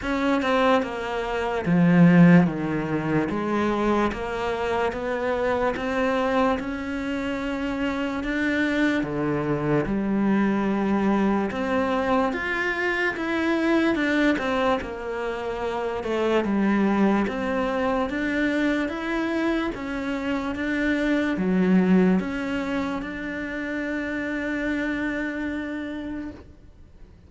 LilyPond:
\new Staff \with { instrumentName = "cello" } { \time 4/4 \tempo 4 = 73 cis'8 c'8 ais4 f4 dis4 | gis4 ais4 b4 c'4 | cis'2 d'4 d4 | g2 c'4 f'4 |
e'4 d'8 c'8 ais4. a8 | g4 c'4 d'4 e'4 | cis'4 d'4 fis4 cis'4 | d'1 | }